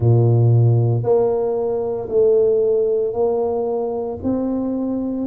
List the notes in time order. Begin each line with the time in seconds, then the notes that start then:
0.00 A#2
1.03 A#3
2.08 A3
3.13 A#3
4.23 C4